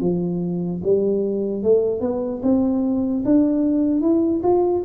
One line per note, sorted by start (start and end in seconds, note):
0.00 0.81 F3
0.83 1.63 G3
1.63 2.00 A3
2.00 2.41 B3
2.43 3.24 C4
3.25 4.01 D4
4.01 4.42 E4
4.43 4.83 F4